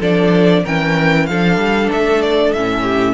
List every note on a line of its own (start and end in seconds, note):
0.00 0.64 F3
0.00 0.65 D4
0.00 0.63 A4
0.00 0.66 D5
0.63 1.29 E3
0.63 1.28 C#4
0.63 1.27 A#4
0.63 1.26 G5
1.26 1.57 F3
1.26 2.56 D4
1.26 2.82 A4
1.26 1.89 F5
1.57 1.89 G3
1.92 2.54 A3
1.92 2.22 E5
2.22 2.53 D5
2.53 3.14 A2
2.53 3.14 C#4
2.53 3.14 E5
2.82 3.14 G4